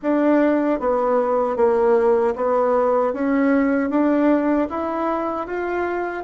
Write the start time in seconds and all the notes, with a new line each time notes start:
0.02 D4
0.79 B3
1.56 A#3
2.35 B3
3.13 C#4
3.90 D4
4.69 E4
5.46 F4